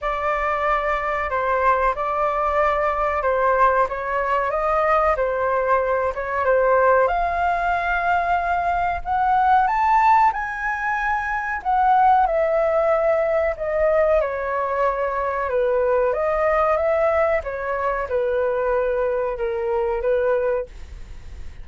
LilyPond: \new Staff \with { instrumentName = "flute" } { \time 4/4 \tempo 4 = 93 d''2 c''4 d''4~ | d''4 c''4 cis''4 dis''4 | c''4. cis''8 c''4 f''4~ | f''2 fis''4 a''4 |
gis''2 fis''4 e''4~ | e''4 dis''4 cis''2 | b'4 dis''4 e''4 cis''4 | b'2 ais'4 b'4 | }